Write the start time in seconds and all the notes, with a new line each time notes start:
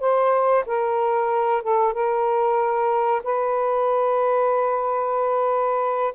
0.00 C5
0.66 A#4
1.62 A4
1.93 A#4
3.24 B4